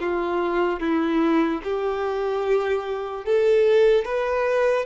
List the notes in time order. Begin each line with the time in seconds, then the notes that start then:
0.00 F4
0.80 E4
1.64 G4
3.25 A4
4.05 B4